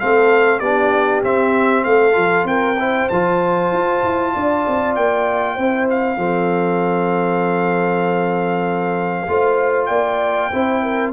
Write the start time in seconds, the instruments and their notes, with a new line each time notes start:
0.00 tuba A3, trombone C4, horn A4, trumpet F5
0.60 tuba B3, trombone D4, horn G4, trumpet D5
1.23 trombone C4, tuba C4, trumpet E5
1.84 tuba A3, horn A4, trumpet F5
2.13 tuba F3, trombone F4
2.44 tuba C4, horn A#4, trumpet G5
2.79 trombone E4, horn C5
3.09 tuba F3, trombone F4, trumpet A5
3.72 tuba F4
4.04 tuba E4
4.35 tuba D4, horn D5
4.68 tuba C4
4.96 tuba A#3, trumpet G5
5.55 tuba C4, trombone E4, horn C5
5.90 trumpet F5
6.17 tuba F3, trombone C4, horn A4
9.28 tuba A3, trombone F4, horn C5
9.86 tuba A#3, horn D5, trumpet G5
10.51 tuba C4, trombone E4, horn C5
10.82 horn A#4